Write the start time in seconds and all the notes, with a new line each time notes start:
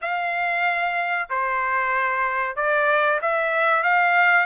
0.01 F5
1.29 C5
2.55 D5
3.21 E5
3.83 F5